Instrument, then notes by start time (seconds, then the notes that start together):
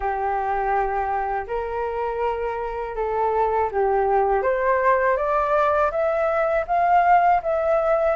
flute
0.00 G4
1.47 A#4
2.95 A4
3.71 G4
4.42 C5
5.16 D5
5.91 E5
6.67 F5
7.42 E5